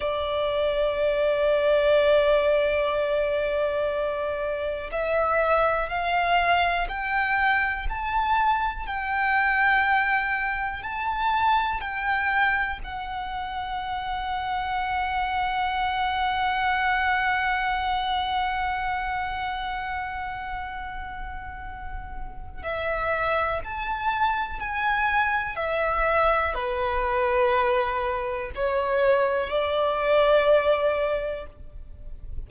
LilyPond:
\new Staff \with { instrumentName = "violin" } { \time 4/4 \tempo 4 = 61 d''1~ | d''4 e''4 f''4 g''4 | a''4 g''2 a''4 | g''4 fis''2.~ |
fis''1~ | fis''2. e''4 | a''4 gis''4 e''4 b'4~ | b'4 cis''4 d''2 | }